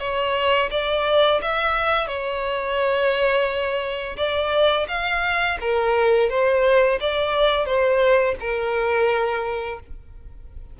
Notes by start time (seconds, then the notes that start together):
0.00 C#5
0.71 D5
1.42 E5
2.07 C#5
4.17 D5
4.88 F5
5.60 A#4
6.30 C5
7.01 D5
7.66 C5
8.40 A#4